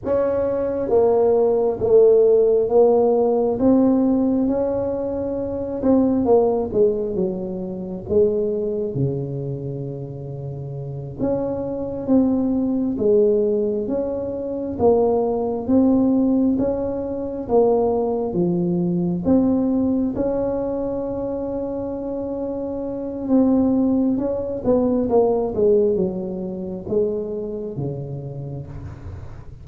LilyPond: \new Staff \with { instrumentName = "tuba" } { \time 4/4 \tempo 4 = 67 cis'4 ais4 a4 ais4 | c'4 cis'4. c'8 ais8 gis8 | fis4 gis4 cis2~ | cis8 cis'4 c'4 gis4 cis'8~ |
cis'8 ais4 c'4 cis'4 ais8~ | ais8 f4 c'4 cis'4.~ | cis'2 c'4 cis'8 b8 | ais8 gis8 fis4 gis4 cis4 | }